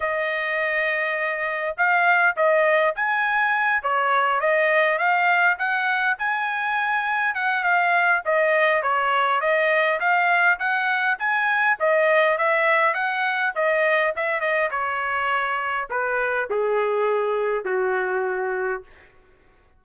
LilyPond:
\new Staff \with { instrumentName = "trumpet" } { \time 4/4 \tempo 4 = 102 dis''2. f''4 | dis''4 gis''4. cis''4 dis''8~ | dis''8 f''4 fis''4 gis''4.~ | gis''8 fis''8 f''4 dis''4 cis''4 |
dis''4 f''4 fis''4 gis''4 | dis''4 e''4 fis''4 dis''4 | e''8 dis''8 cis''2 b'4 | gis'2 fis'2 | }